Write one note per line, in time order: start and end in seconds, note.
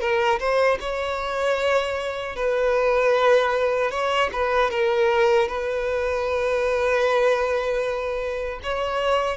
0.00 0.39 A#4
0.39 0.78 C5
0.80 2.36 C#5
2.36 3.91 B4
3.91 4.30 C#5
4.32 4.71 B4
4.71 5.48 A#4
5.48 8.60 B4
8.63 9.37 C#5